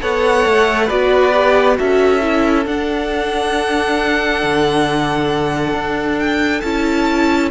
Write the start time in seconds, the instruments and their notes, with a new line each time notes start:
0.00 cello B3, viola A4, violin C#5 F#5
0.45 cello A3
0.85 cello B3, viola F#4, violin B4 D5
1.33 viola G4
1.75 cello C#4, viola F#4, violin A4 E5
2.21 viola E4
2.65 viola D4, cello D4, violin F#5
4.42 cello D3
5.73 cello D4
6.19 violin G5
6.60 cello C#4, viola E4, violin A5